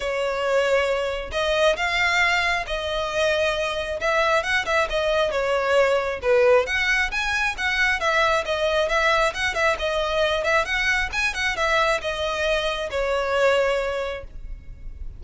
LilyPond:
\new Staff \with { instrumentName = "violin" } { \time 4/4 \tempo 4 = 135 cis''2. dis''4 | f''2 dis''2~ | dis''4 e''4 fis''8 e''8 dis''4 | cis''2 b'4 fis''4 |
gis''4 fis''4 e''4 dis''4 | e''4 fis''8 e''8 dis''4. e''8 | fis''4 gis''8 fis''8 e''4 dis''4~ | dis''4 cis''2. | }